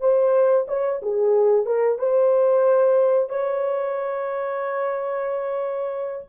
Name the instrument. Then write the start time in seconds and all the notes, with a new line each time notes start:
horn
0.00 C5
0.68 C#5
1.02 G#4
1.66 A#4
1.99 C5
3.29 C#5